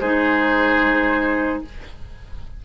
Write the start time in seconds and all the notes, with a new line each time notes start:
0.00 G#3 D#4 G#4 C5